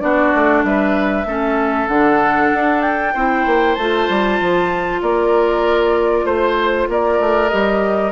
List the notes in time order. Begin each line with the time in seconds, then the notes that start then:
0.00 B3 D4 F#4 D5
0.34 A3
0.64 G3 B4 E5
1.25 A3 C#4 A4
1.88 D3 D4 F#5
2.53 D4
2.81 G5
3.14 C4 E4 C5
3.46 A#3
3.75 A3 F4 A5
4.09 G3
4.41 F3
5.01 A#3 A#4 D5
6.24 A3 C5
6.88 A#3 A#4 D5
7.20 A3
7.49 G3 G4 D#5